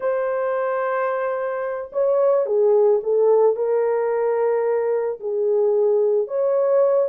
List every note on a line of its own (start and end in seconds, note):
0.00 1.91 C5
1.92 2.45 C#5
2.45 3.00 G#4
3.03 3.56 A4
3.56 5.19 A#4
5.20 6.27 G#4
6.27 7.09 C#5